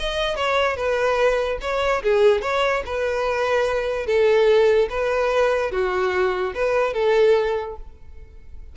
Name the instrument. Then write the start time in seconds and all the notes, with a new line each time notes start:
violin
0.00 D#5
0.36 C#5
0.77 B4
1.61 C#5
2.03 G#4
2.42 C#5
2.86 B4
4.07 A4
4.90 B4
5.72 F#4
6.55 B4
6.94 A4